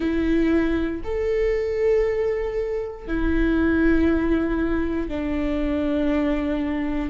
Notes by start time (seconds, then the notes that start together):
0.00 E4
1.04 A4
3.07 E4
5.08 D4